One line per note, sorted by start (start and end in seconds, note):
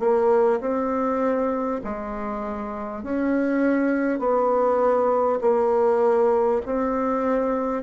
0.00 0.60 A#3
0.61 1.81 C4
1.84 3.04 G#3
3.04 4.19 C#4
4.19 5.39 B3
5.42 6.62 A#3
6.66 7.83 C4